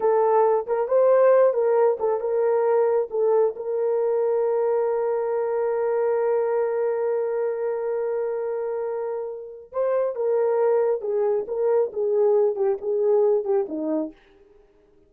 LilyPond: \new Staff \with { instrumentName = "horn" } { \time 4/4 \tempo 4 = 136 a'4. ais'8 c''4. ais'8~ | ais'8 a'8 ais'2 a'4 | ais'1~ | ais'1~ |
ais'1~ | ais'2 c''4 ais'4~ | ais'4 gis'4 ais'4 gis'4~ | gis'8 g'8 gis'4. g'8 dis'4 | }